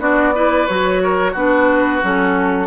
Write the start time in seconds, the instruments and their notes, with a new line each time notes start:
0.00 bassoon B3, clarinet D4, oboe F#4, flute D5
0.35 clarinet E4, oboe B4
0.67 bassoon F#3, clarinet F#4, flute C#5
1.03 oboe A#4
1.33 bassoon B3, clarinet D4, oboe F#4, flute B4
2.02 bassoon F#3, clarinet C#4, flute A4